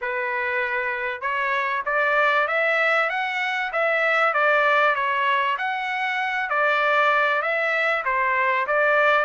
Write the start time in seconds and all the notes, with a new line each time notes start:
0.01 B4
1.21 C#5
1.85 D5
2.47 E5
3.09 F#5
3.72 E5
4.33 D5
4.95 C#5
5.58 F#5
6.49 D5
7.41 E5
8.04 C5
8.66 D5